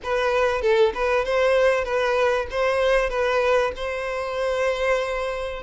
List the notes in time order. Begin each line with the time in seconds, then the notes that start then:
0.03 B4
0.61 A4
0.94 B4
1.24 C5
1.84 B4
2.51 C5
3.09 B4
3.76 C5